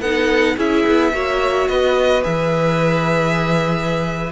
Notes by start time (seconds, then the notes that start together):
0.00 B3 D#4 A4 F#5
0.57 C#4 E4 G#4 E5
0.87 B3
1.13 A#3 F#4 C#5
1.68 B3 B4 D#5
2.23 E3 G#4 E5